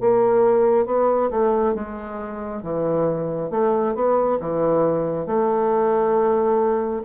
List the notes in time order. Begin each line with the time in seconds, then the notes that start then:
0.00 A#3
0.85 B3
1.30 A3
1.74 G#3
2.62 E3
3.50 A3
3.94 B3
4.40 E3
5.26 A3